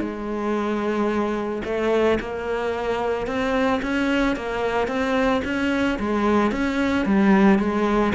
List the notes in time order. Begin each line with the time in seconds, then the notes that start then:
0.00 G#3
1.65 A3
2.20 A#3
3.27 C4
3.82 C#4
4.36 A#3
4.87 C4
5.44 C#4
5.99 G#3
6.51 C#4
7.05 G3
7.58 G#3